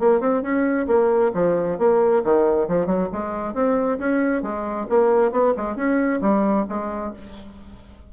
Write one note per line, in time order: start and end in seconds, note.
0.00 0.21 A#3
0.21 0.43 C4
0.43 0.87 C#4
0.87 1.32 A#3
1.34 1.79 F3
1.79 2.23 A#3
2.24 2.68 D#3
2.68 2.87 F3
2.87 3.09 F#3
3.13 3.54 G#3
3.54 3.99 C4
3.99 4.43 C#4
4.43 4.87 G#3
4.90 5.32 A#3
5.32 5.54 B3
5.57 5.76 G#3
5.76 6.21 C#4
6.22 6.66 G3
6.69 7.13 G#3